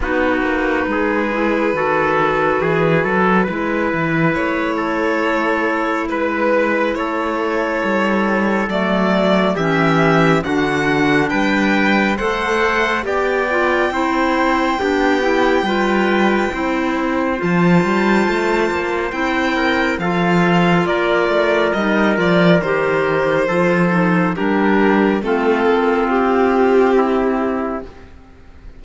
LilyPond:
<<
  \new Staff \with { instrumentName = "violin" } { \time 4/4 \tempo 4 = 69 b'1~ | b'4 cis''2 b'4 | cis''2 d''4 e''4 | fis''4 g''4 fis''4 g''4~ |
g''1 | a''2 g''4 f''4 | d''4 dis''8 d''8 c''2 | ais'4 a'4 g'2 | }
  \new Staff \with { instrumentName = "trumpet" } { \time 4/4 fis'4 gis'4 a'4 gis'8 a'8 | b'4. a'4. b'4 | a'2. g'4 | fis'4 b'4 c''4 d''4 |
c''4 g'4 b'4 c''4~ | c''2~ c''8 ais'8 a'4 | ais'2. a'4 | g'4 f'2 e'4 | }
  \new Staff \with { instrumentName = "clarinet" } { \time 4/4 dis'4. e'8 fis'2 | e'1~ | e'2 a4 cis'4 | d'2 a'4 g'8 f'8 |
e'4 d'8 e'8 f'4 e'4 | f'2 e'4 f'4~ | f'4 dis'8 f'8 g'4 f'8 dis'8 | d'4 c'2. | }
  \new Staff \with { instrumentName = "cello" } { \time 4/4 b8 ais8 gis4 dis4 e8 fis8 | gis8 e8 a2 gis4 | a4 g4 fis4 e4 | d4 g4 a4 b4 |
c'4 b4 g4 c'4 | f8 g8 a8 ais8 c'4 f4 | ais8 a8 g8 f8 dis4 f4 | g4 a8 ais8 c'2 | }
>>